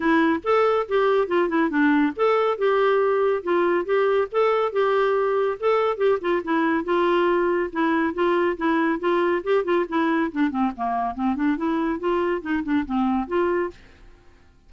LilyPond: \new Staff \with { instrumentName = "clarinet" } { \time 4/4 \tempo 4 = 140 e'4 a'4 g'4 f'8 e'8 | d'4 a'4 g'2 | f'4 g'4 a'4 g'4~ | g'4 a'4 g'8 f'8 e'4 |
f'2 e'4 f'4 | e'4 f'4 g'8 f'8 e'4 | d'8 c'8 ais4 c'8 d'8 e'4 | f'4 dis'8 d'8 c'4 f'4 | }